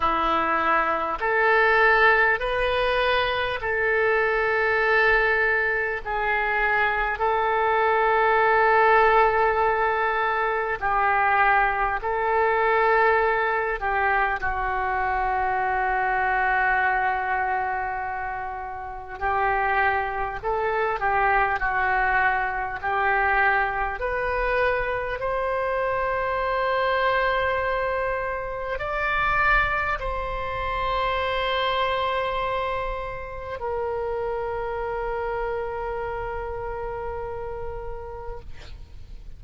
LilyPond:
\new Staff \with { instrumentName = "oboe" } { \time 4/4 \tempo 4 = 50 e'4 a'4 b'4 a'4~ | a'4 gis'4 a'2~ | a'4 g'4 a'4. g'8 | fis'1 |
g'4 a'8 g'8 fis'4 g'4 | b'4 c''2. | d''4 c''2. | ais'1 | }